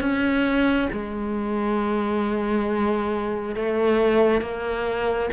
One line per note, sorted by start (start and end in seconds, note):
0.00 0.88 C#4
0.92 3.55 G#3
3.55 4.41 A3
4.41 5.29 A#3